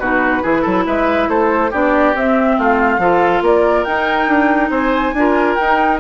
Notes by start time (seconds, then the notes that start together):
0.00 B2 D#4 F#4 B4
0.43 E3 E4 G#4
0.62 F#3 A4
0.87 G#3 B4 E5
1.29 A3 A4 C5
1.71 B3 D4 G4 D5
2.15 C4 E5
2.58 A3 F4 F5
2.98 F3 F4 A4
3.42 A#3 A#4 D5
3.84 D#4 G5
4.28 D4
4.70 C4 C5 G#5
5.13 D4 F4
5.20 A#4
5.55 D#4 G5